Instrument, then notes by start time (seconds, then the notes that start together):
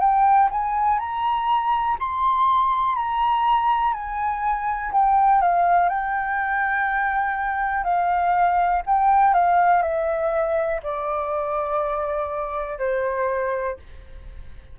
flute
0.00 G5
0.51 G#5
0.99 A#5
1.99 C6
2.96 A#5
3.93 G#5
4.92 G5
5.41 F5
5.89 G5
7.84 F5
8.87 G5
9.34 F5
9.82 E5
10.83 D5
12.79 C5